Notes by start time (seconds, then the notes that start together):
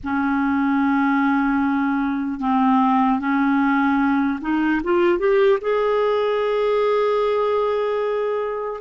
0.03 C#4
2.40 C4
3.19 C#4
4.41 D#4
4.83 F4
5.19 G4
5.61 G#4